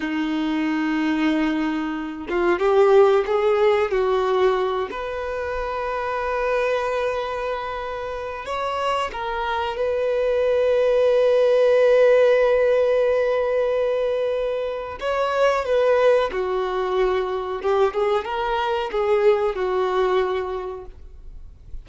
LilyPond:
\new Staff \with { instrumentName = "violin" } { \time 4/4 \tempo 4 = 92 dis'2.~ dis'8 f'8 | g'4 gis'4 fis'4. b'8~ | b'1~ | b'4 cis''4 ais'4 b'4~ |
b'1~ | b'2. cis''4 | b'4 fis'2 g'8 gis'8 | ais'4 gis'4 fis'2 | }